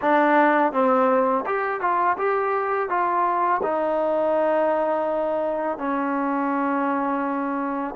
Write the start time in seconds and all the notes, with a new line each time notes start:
0.01 D4
0.72 C4
1.46 G4
1.80 F4
2.17 G4
2.89 F4
3.62 D#4
5.78 C#4